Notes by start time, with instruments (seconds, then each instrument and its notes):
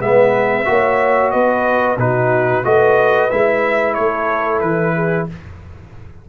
0.00 tuba G#3, trombone B3, horn B4, trumpet E5
0.65 tuba A#3, trombone F#4, horn C#5
1.31 tuba B3, horn B4, trumpet D#5
1.98 tuba B2, trombone D#4, horn F#4, trumpet B4
2.64 tuba A3, trombone F#4, horn B4, trumpet D#5
3.31 tuba G#3, trombone E4, trumpet E5
3.94 tuba A3, horn A4, trumpet C#5
4.61 tuba E3, trumpet B4
4.96 horn G#4